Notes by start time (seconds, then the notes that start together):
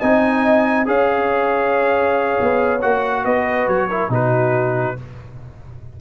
0.00 C4 D#4 D#5 G#5
0.86 C#4 G#4 C#5 F5
2.41 B3
2.82 A#3 F#4 F#5
3.25 B3 B4 D#5
3.68 F#3 C#5
3.88 E4 A#4
4.10 B2 D#4 F#4 B4